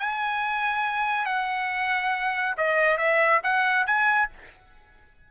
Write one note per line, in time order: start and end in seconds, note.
0.00 1.26 G#5
1.26 2.55 F#5
2.58 2.98 D#5
2.98 3.41 E5
3.43 3.87 F#5
3.87 4.30 G#5